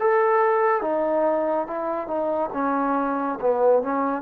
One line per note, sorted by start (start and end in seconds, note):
0.00 0.81 A4
0.81 1.67 D#4
1.67 2.08 E4
2.08 2.51 D#4
2.53 3.39 C#4
3.41 3.83 B3
3.83 4.22 C#4